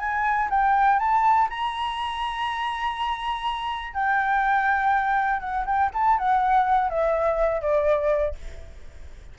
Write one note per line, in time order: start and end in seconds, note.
0.00 0.49 G#5
0.50 0.99 G5
1.00 1.49 A5
1.50 3.94 A#5
3.94 5.41 G5
5.41 5.65 F#5
5.66 5.91 G5
5.94 6.18 A5
6.18 6.90 F#5
6.90 7.62 E5
7.62 8.35 D5